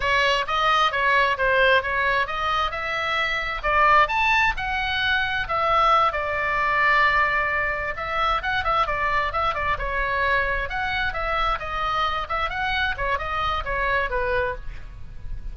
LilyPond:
\new Staff \with { instrumentName = "oboe" } { \time 4/4 \tempo 4 = 132 cis''4 dis''4 cis''4 c''4 | cis''4 dis''4 e''2 | d''4 a''4 fis''2 | e''4. d''2~ d''8~ |
d''4. e''4 fis''8 e''8 d''8~ | d''8 e''8 d''8 cis''2 fis''8~ | fis''8 e''4 dis''4. e''8 fis''8~ | fis''8 cis''8 dis''4 cis''4 b'4 | }